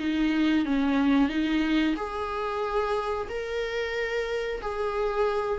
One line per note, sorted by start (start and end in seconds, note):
0.00 0.66 D#4
0.66 1.29 C#4
1.29 1.95 D#4
1.97 3.28 G#4
3.30 4.62 A#4
4.62 5.60 G#4